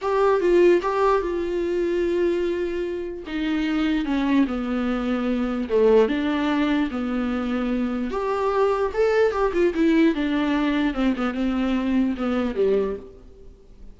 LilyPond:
\new Staff \with { instrumentName = "viola" } { \time 4/4 \tempo 4 = 148 g'4 f'4 g'4 f'4~ | f'1 | dis'2 cis'4 b4~ | b2 a4 d'4~ |
d'4 b2. | g'2 a'4 g'8 f'8 | e'4 d'2 c'8 b8 | c'2 b4 g4 | }